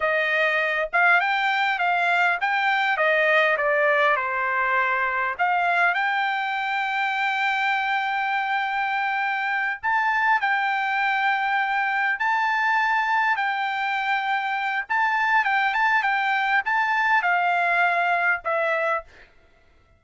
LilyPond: \new Staff \with { instrumentName = "trumpet" } { \time 4/4 \tempo 4 = 101 dis''4. f''8 g''4 f''4 | g''4 dis''4 d''4 c''4~ | c''4 f''4 g''2~ | g''1~ |
g''8 a''4 g''2~ g''8~ | g''8 a''2 g''4.~ | g''4 a''4 g''8 a''8 g''4 | a''4 f''2 e''4 | }